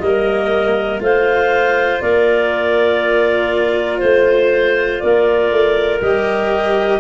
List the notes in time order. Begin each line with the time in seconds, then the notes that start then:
0.00 G3 A#3 A#4 D#5
1.00 A3 F4 C5 F5
2.01 A#3 A#4 D5
3.98 A3 C5
4.99 A#3 A#4 D5
5.51 A3
6.02 G3 G4 D#5